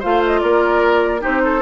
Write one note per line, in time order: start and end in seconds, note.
0.00 0.43 A3
0.00 1.21 F4
0.00 0.41 C5
0.00 0.24 F5
0.27 0.41 D#5
0.41 1.25 A#3
0.41 1.22 A#4
0.41 1.22 D5
1.21 1.62 D#4
1.21 1.42 G4
1.21 1.62 C5
1.27 1.62 C4
1.45 1.62 A4